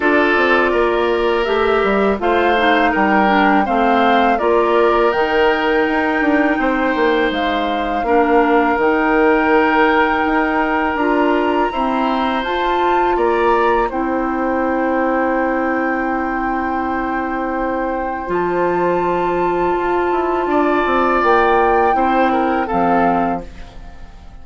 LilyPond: <<
  \new Staff \with { instrumentName = "flute" } { \time 4/4 \tempo 4 = 82 d''2 e''4 f''4 | g''4 f''4 d''4 g''4~ | g''2 f''2 | g''2. ais''4~ |
ais''4 a''4 ais''4 g''4~ | g''1~ | g''4 a''2.~ | a''4 g''2 f''4 | }
  \new Staff \with { instrumentName = "oboe" } { \time 4/4 a'4 ais'2 c''4 | ais'4 c''4 ais'2~ | ais'4 c''2 ais'4~ | ais'1 |
c''2 d''4 c''4~ | c''1~ | c''1 | d''2 c''8 ais'8 a'4 | }
  \new Staff \with { instrumentName = "clarinet" } { \time 4/4 f'2 g'4 f'8 dis'8~ | dis'8 d'8 c'4 f'4 dis'4~ | dis'2. d'4 | dis'2. f'4 |
c'4 f'2 e'4~ | e'1~ | e'4 f'2.~ | f'2 e'4 c'4 | }
  \new Staff \with { instrumentName = "bassoon" } { \time 4/4 d'8 c'8 ais4 a8 g8 a4 | g4 a4 ais4 dis4 | dis'8 d'8 c'8 ais8 gis4 ais4 | dis2 dis'4 d'4 |
e'4 f'4 ais4 c'4~ | c'1~ | c'4 f2 f'8 e'8 | d'8 c'8 ais4 c'4 f4 | }
>>